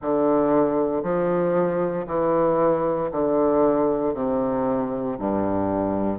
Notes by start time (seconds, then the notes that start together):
0.01 D3
1.03 F3
2.06 E3
3.11 D3
4.14 C3
5.18 G2